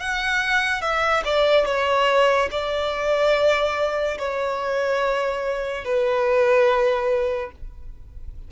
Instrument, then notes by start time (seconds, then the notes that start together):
violin
0.00 F#5
0.82 E5
1.25 D5
1.66 C#5
2.51 D5
4.19 C#5
5.85 B4